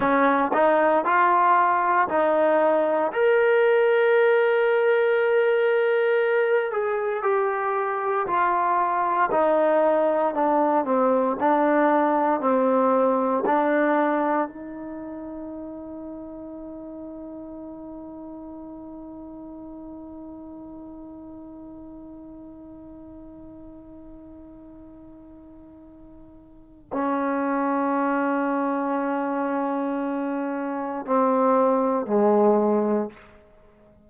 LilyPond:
\new Staff \with { instrumentName = "trombone" } { \time 4/4 \tempo 4 = 58 cis'8 dis'8 f'4 dis'4 ais'4~ | ais'2~ ais'8 gis'8 g'4 | f'4 dis'4 d'8 c'8 d'4 | c'4 d'4 dis'2~ |
dis'1~ | dis'1~ | dis'2 cis'2~ | cis'2 c'4 gis4 | }